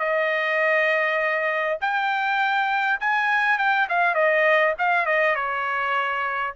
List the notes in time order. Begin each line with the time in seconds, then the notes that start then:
0.00 D#5
1.81 G5
3.01 G#5
3.59 G5
3.89 F5
4.15 D#5
4.79 F5
5.06 D#5
5.36 C#5